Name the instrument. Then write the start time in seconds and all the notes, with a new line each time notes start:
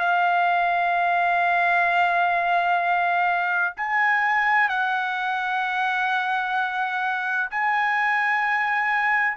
trumpet
0.00 F5
3.77 G#5
4.70 F#5
7.51 G#5